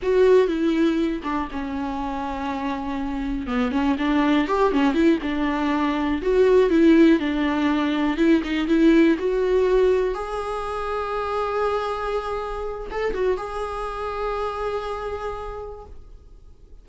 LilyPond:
\new Staff \with { instrumentName = "viola" } { \time 4/4 \tempo 4 = 121 fis'4 e'4. d'8 cis'4~ | cis'2. b8 cis'8 | d'4 g'8 cis'8 e'8 d'4.~ | d'8 fis'4 e'4 d'4.~ |
d'8 e'8 dis'8 e'4 fis'4.~ | fis'8 gis'2.~ gis'8~ | gis'2 a'8 fis'8 gis'4~ | gis'1 | }